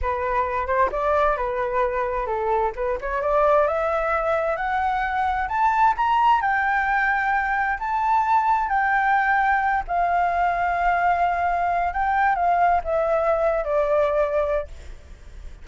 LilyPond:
\new Staff \with { instrumentName = "flute" } { \time 4/4 \tempo 4 = 131 b'4. c''8 d''4 b'4~ | b'4 a'4 b'8 cis''8 d''4 | e''2 fis''2 | a''4 ais''4 g''2~ |
g''4 a''2 g''4~ | g''4. f''2~ f''8~ | f''2 g''4 f''4 | e''4.~ e''16 d''2~ d''16 | }